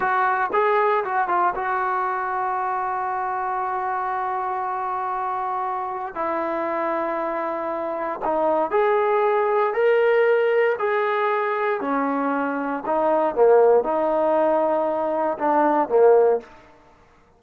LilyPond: \new Staff \with { instrumentName = "trombone" } { \time 4/4 \tempo 4 = 117 fis'4 gis'4 fis'8 f'8 fis'4~ | fis'1~ | fis'1 | e'1 |
dis'4 gis'2 ais'4~ | ais'4 gis'2 cis'4~ | cis'4 dis'4 ais4 dis'4~ | dis'2 d'4 ais4 | }